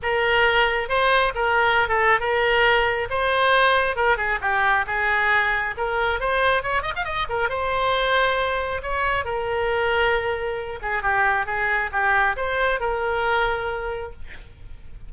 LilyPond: \new Staff \with { instrumentName = "oboe" } { \time 4/4 \tempo 4 = 136 ais'2 c''4 ais'4~ | ais'16 a'8. ais'2 c''4~ | c''4 ais'8 gis'8 g'4 gis'4~ | gis'4 ais'4 c''4 cis''8 dis''16 f''16 |
dis''8 ais'8 c''2. | cis''4 ais'2.~ | ais'8 gis'8 g'4 gis'4 g'4 | c''4 ais'2. | }